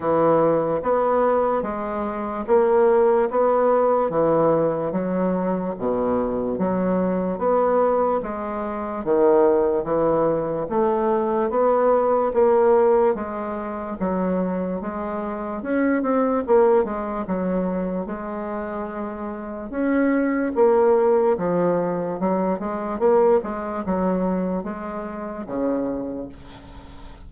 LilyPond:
\new Staff \with { instrumentName = "bassoon" } { \time 4/4 \tempo 4 = 73 e4 b4 gis4 ais4 | b4 e4 fis4 b,4 | fis4 b4 gis4 dis4 | e4 a4 b4 ais4 |
gis4 fis4 gis4 cis'8 c'8 | ais8 gis8 fis4 gis2 | cis'4 ais4 f4 fis8 gis8 | ais8 gis8 fis4 gis4 cis4 | }